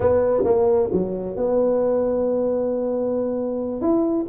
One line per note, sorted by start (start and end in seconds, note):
0.00 0.44 B3
0.44 0.89 A#3
0.92 1.36 F#3
1.36 3.81 B3
3.81 4.26 E4